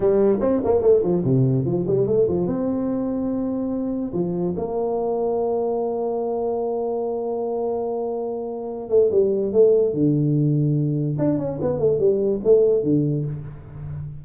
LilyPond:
\new Staff \with { instrumentName = "tuba" } { \time 4/4 \tempo 4 = 145 g4 c'8 ais8 a8 f8 c4 | f8 g8 a8 f8 c'2~ | c'2 f4 ais4~ | ais1~ |
ais1~ | ais4. a8 g4 a4 | d2. d'8 cis'8 | b8 a8 g4 a4 d4 | }